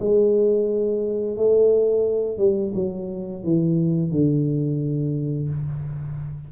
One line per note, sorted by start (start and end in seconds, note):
0.00 1.37 G#3
1.37 2.38 A3
2.38 2.72 G3
2.74 3.43 F#3
3.44 4.11 E3
4.11 5.49 D3